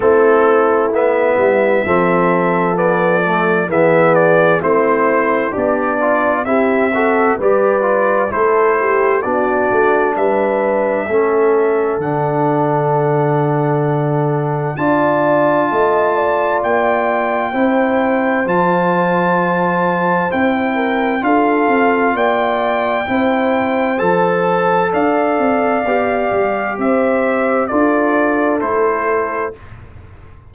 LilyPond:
<<
  \new Staff \with { instrumentName = "trumpet" } { \time 4/4 \tempo 4 = 65 a'4 e''2 d''4 | e''8 d''8 c''4 d''4 e''4 | d''4 c''4 d''4 e''4~ | e''4 fis''2. |
a''2 g''2 | a''2 g''4 f''4 | g''2 a''4 f''4~ | f''4 e''4 d''4 c''4 | }
  \new Staff \with { instrumentName = "horn" } { \time 4/4 e'2 a'2 | gis'4 e'4 d'4 g'8 a'8 | b'4 a'8 g'8 fis'4 b'4 | a'1 |
d''4 dis''8 d''4. c''4~ | c''2~ c''8 ais'8 a'4 | d''4 c''2 d''4~ | d''4 c''4 a'2 | }
  \new Staff \with { instrumentName = "trombone" } { \time 4/4 c'4 b4 c'4 b8 a8 | b4 c'4 g'8 f'8 e'8 fis'8 | g'8 f'8 e'4 d'2 | cis'4 d'2. |
f'2. e'4 | f'2 e'4 f'4~ | f'4 e'4 a'2 | g'2 f'4 e'4 | }
  \new Staff \with { instrumentName = "tuba" } { \time 4/4 a4. g8 f2 | e4 a4 b4 c'4 | g4 a4 b8 a8 g4 | a4 d2. |
d'4 a4 ais4 c'4 | f2 c'4 d'8 c'8 | ais4 c'4 f4 d'8 c'8 | b8 g8 c'4 d'4 a4 | }
>>